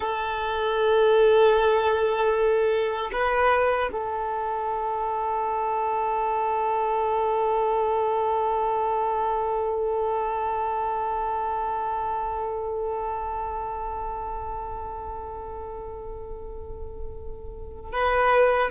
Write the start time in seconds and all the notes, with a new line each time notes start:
0.00 A4
3.12 B4
3.92 A4
17.92 B4